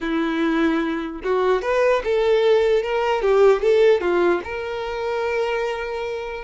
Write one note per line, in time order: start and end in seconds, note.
0.00 1.21 E4
1.23 1.62 F#4
1.62 2.02 B4
2.03 2.82 A4
2.82 3.22 A#4
3.22 3.61 G4
3.61 4.01 A4
4.01 4.41 F4
4.43 6.44 A#4